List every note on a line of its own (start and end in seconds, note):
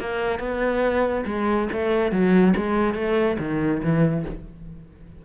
0.00 0.39 A#3
0.39 1.24 B3
1.26 1.68 G#3
1.72 2.11 A3
2.11 2.54 F#3
2.56 2.94 G#3
2.94 3.37 A3
3.39 3.81 D#3
3.83 4.25 E3